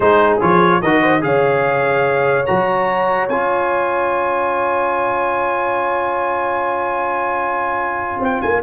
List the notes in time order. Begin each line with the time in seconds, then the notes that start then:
0.00 G#3 D#4 G#4 C5
0.40 F3 F4 C#5
0.81 D#3 F#4 A#4 D#5
1.01 C5
1.20 C#3 G#4 C#5 F5
2.45 F#3 F#4 A#5
3.28 C#4 F4 G#5
8.19 C4 G5
8.41 A#3 G#5